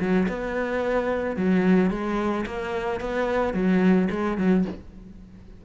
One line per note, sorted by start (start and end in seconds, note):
0.00 0.27 F#3
0.29 1.37 B3
1.37 1.91 F#3
1.91 2.45 G#3
2.46 3.00 A#3
3.00 3.54 B3
3.54 4.08 F#3
4.11 4.38 G#3
4.38 4.65 F#3